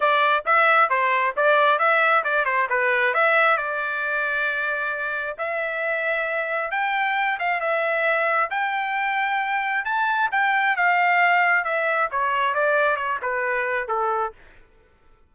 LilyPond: \new Staff \with { instrumentName = "trumpet" } { \time 4/4 \tempo 4 = 134 d''4 e''4 c''4 d''4 | e''4 d''8 c''8 b'4 e''4 | d''1 | e''2. g''4~ |
g''8 f''8 e''2 g''4~ | g''2 a''4 g''4 | f''2 e''4 cis''4 | d''4 cis''8 b'4. a'4 | }